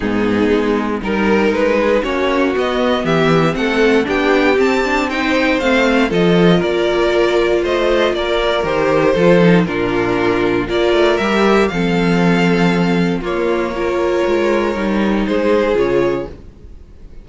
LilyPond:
<<
  \new Staff \with { instrumentName = "violin" } { \time 4/4 \tempo 4 = 118 gis'2 ais'4 b'4 | cis''4 dis''4 e''4 fis''4 | g''4 a''4 g''4 f''4 | dis''4 d''2 dis''4 |
d''4 c''2 ais'4~ | ais'4 d''4 e''4 f''4~ | f''2 cis''2~ | cis''2 c''4 cis''4 | }
  \new Staff \with { instrumentName = "violin" } { \time 4/4 dis'2 ais'4. gis'8 | fis'2 g'4 a'4 | g'2 c''2 | a'4 ais'2 c''4 |
ais'2 a'4 f'4~ | f'4 ais'2 a'4~ | a'2 f'4 ais'4~ | ais'2 gis'2 | }
  \new Staff \with { instrumentName = "viola" } { \time 4/4 b2 dis'2 | cis'4 b2 c'4 | d'4 c'8 d'8 dis'4 c'4 | f'1~ |
f'4 g'4 f'8 dis'8 d'4~ | d'4 f'4 g'4 c'4~ | c'2 ais4 f'4~ | f'4 dis'2 f'4 | }
  \new Staff \with { instrumentName = "cello" } { \time 4/4 gis,4 gis4 g4 gis4 | ais4 b4 e4 a4 | b4 c'2 a4 | f4 ais2 a4 |
ais4 dis4 f4 ais,4~ | ais,4 ais8 a8 g4 f4~ | f2 ais2 | gis4 g4 gis4 cis4 | }
>>